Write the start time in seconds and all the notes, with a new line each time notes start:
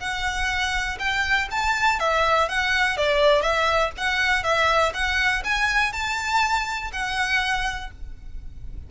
0.00 F#5
0.99 G5
1.51 A5
2.00 E5
2.49 F#5
2.97 D5
3.42 E5
3.98 F#5
4.44 E5
4.94 F#5
5.44 G#5
5.93 A5
6.93 F#5